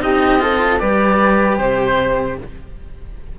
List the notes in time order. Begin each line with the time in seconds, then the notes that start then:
0.00 C4 D#4 G4 D#5
0.39 F4 A4
0.79 G3 G4 B4 D5
1.57 C3 C5